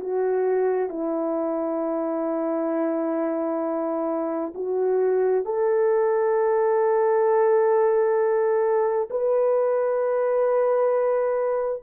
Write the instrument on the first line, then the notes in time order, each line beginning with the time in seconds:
horn
0.00 F#4
0.89 E4
4.54 F#4
5.45 A4
9.10 B4